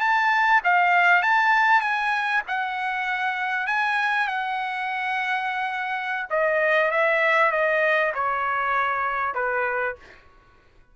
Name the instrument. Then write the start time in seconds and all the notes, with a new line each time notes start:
trumpet
0.00 A5
0.64 F5
1.22 A5
1.81 G#5
2.47 F#5
3.67 G#5
4.27 F#5
6.30 D#5
6.91 E5
7.51 D#5
8.14 C#5
9.34 B4